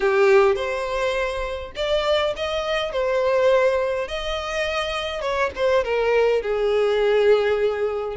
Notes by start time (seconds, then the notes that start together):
0.00 G4
0.55 C5
1.75 D5
2.36 D#5
2.92 C5
4.08 D#5
5.21 C#5
5.55 C5
5.84 A#4
6.42 G#4